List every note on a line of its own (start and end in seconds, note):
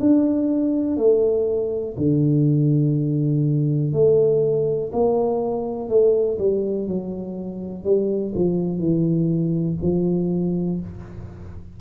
0.00 0.97 D4
0.97 1.95 A3
1.97 3.93 D3
3.93 4.91 A3
4.92 5.88 A#3
5.88 6.38 A3
6.38 6.87 G3
6.87 7.84 F#3
7.84 8.33 G3
8.35 8.79 F3
8.79 9.77 E3
9.82 10.80 F3